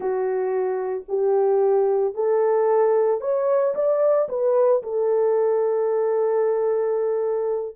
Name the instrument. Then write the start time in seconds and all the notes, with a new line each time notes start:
horn
0.00 F#4
1.08 G4
2.14 A4
3.20 C#5
3.74 D5
4.29 B4
4.82 A4